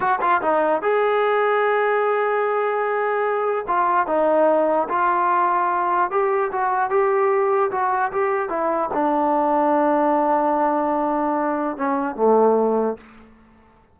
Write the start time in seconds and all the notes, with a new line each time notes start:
0.00 F#4
0.21 F4
0.41 D#4
0.81 G#4
3.67 F4
4.07 D#4
4.89 F4
6.10 G4
6.51 F#4
6.89 G4
7.71 F#4
8.11 G4
8.49 E4
8.93 D4
11.77 C#4
12.16 A3